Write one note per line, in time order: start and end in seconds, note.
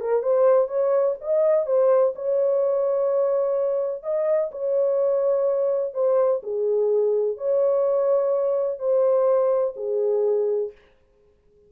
0.00 0.23 A#4
0.23 0.68 C5
0.68 1.16 C#5
1.21 1.66 D#5
1.66 2.14 C5
2.15 4.03 C#5
4.03 4.50 D#5
4.52 5.94 C#5
5.94 6.41 C5
6.43 7.37 G#4
7.37 8.79 C#5
8.79 9.74 C5
9.76 10.72 G#4